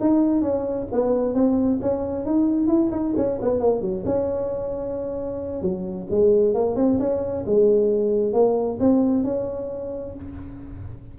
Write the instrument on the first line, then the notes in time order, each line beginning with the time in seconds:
tuba
0.00 D#4
0.41 C#4
0.92 B3
1.34 C4
1.81 C#4
2.25 D#4
2.67 E4
2.91 D#4
3.16 C#4
3.41 B3
3.60 A#3
3.81 F#3
4.05 C#4
5.62 F#3
6.10 G#3
6.54 A#3
6.76 C4
6.99 C#4
7.46 G#3
8.33 A#3
8.79 C4
9.24 C#4